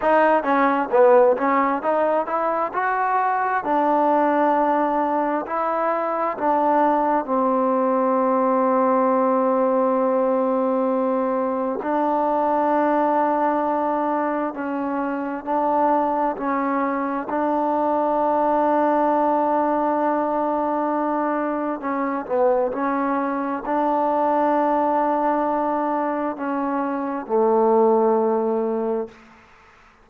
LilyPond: \new Staff \with { instrumentName = "trombone" } { \time 4/4 \tempo 4 = 66 dis'8 cis'8 b8 cis'8 dis'8 e'8 fis'4 | d'2 e'4 d'4 | c'1~ | c'4 d'2. |
cis'4 d'4 cis'4 d'4~ | d'1 | cis'8 b8 cis'4 d'2~ | d'4 cis'4 a2 | }